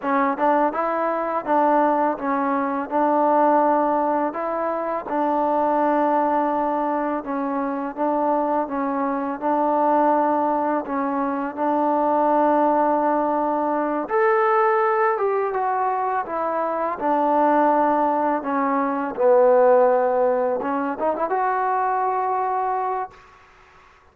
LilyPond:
\new Staff \with { instrumentName = "trombone" } { \time 4/4 \tempo 4 = 83 cis'8 d'8 e'4 d'4 cis'4 | d'2 e'4 d'4~ | d'2 cis'4 d'4 | cis'4 d'2 cis'4 |
d'2.~ d'8 a'8~ | a'4 g'8 fis'4 e'4 d'8~ | d'4. cis'4 b4.~ | b8 cis'8 dis'16 e'16 fis'2~ fis'8 | }